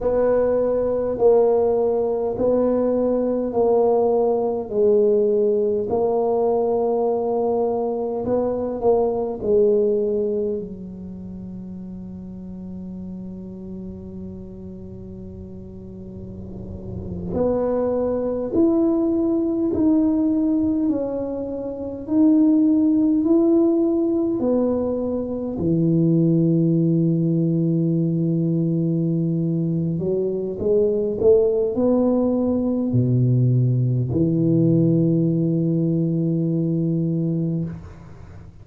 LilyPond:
\new Staff \with { instrumentName = "tuba" } { \time 4/4 \tempo 4 = 51 b4 ais4 b4 ais4 | gis4 ais2 b8 ais8 | gis4 fis2.~ | fis2~ fis8. b4 e'16~ |
e'8. dis'4 cis'4 dis'4 e'16~ | e'8. b4 e2~ e16~ | e4. fis8 gis8 a8 b4 | b,4 e2. | }